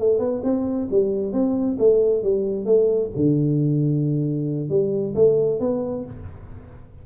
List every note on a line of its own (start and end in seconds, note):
0.00 0.20 A3
0.20 0.42 B3
0.44 0.89 C4
0.91 1.33 G3
1.33 1.78 C4
1.79 2.23 A3
2.23 2.66 G3
2.66 3.11 A3
3.16 4.70 D3
4.70 5.15 G3
5.16 5.60 A3
5.60 6.05 B3